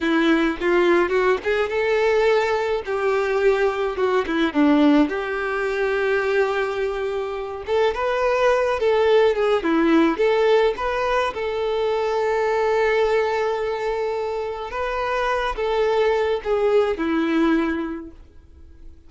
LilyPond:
\new Staff \with { instrumentName = "violin" } { \time 4/4 \tempo 4 = 106 e'4 f'4 fis'8 gis'8 a'4~ | a'4 g'2 fis'8 e'8 | d'4 g'2.~ | g'4. a'8 b'4. a'8~ |
a'8 gis'8 e'4 a'4 b'4 | a'1~ | a'2 b'4. a'8~ | a'4 gis'4 e'2 | }